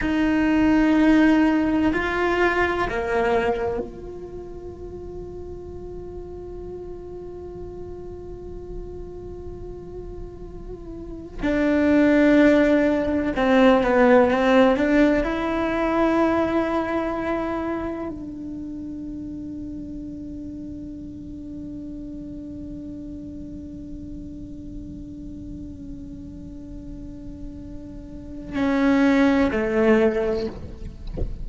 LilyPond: \new Staff \with { instrumentName = "cello" } { \time 4/4 \tempo 4 = 63 dis'2 f'4 ais4 | f'1~ | f'1 | d'2 c'8 b8 c'8 d'8 |
e'2. d'4~ | d'1~ | d'1~ | d'2 cis'4 a4 | }